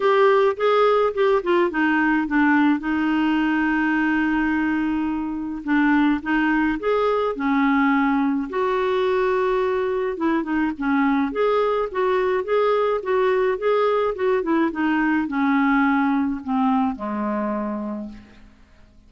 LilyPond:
\new Staff \with { instrumentName = "clarinet" } { \time 4/4 \tempo 4 = 106 g'4 gis'4 g'8 f'8 dis'4 | d'4 dis'2.~ | dis'2 d'4 dis'4 | gis'4 cis'2 fis'4~ |
fis'2 e'8 dis'8 cis'4 | gis'4 fis'4 gis'4 fis'4 | gis'4 fis'8 e'8 dis'4 cis'4~ | cis'4 c'4 gis2 | }